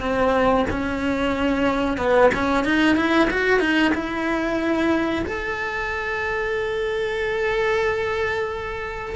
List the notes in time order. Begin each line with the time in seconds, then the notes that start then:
0.00 C4
0.70 C#4
1.97 B3
2.34 C#4
2.64 D#4
2.96 E4
3.30 F#4
3.59 D#4
3.95 E4
5.25 A4